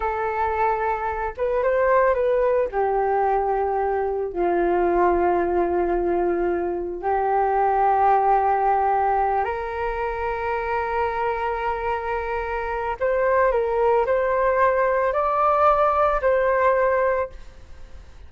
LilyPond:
\new Staff \with { instrumentName = "flute" } { \time 4/4 \tempo 4 = 111 a'2~ a'8 b'8 c''4 | b'4 g'2. | f'1~ | f'4 g'2.~ |
g'4. ais'2~ ais'8~ | ais'1 | c''4 ais'4 c''2 | d''2 c''2 | }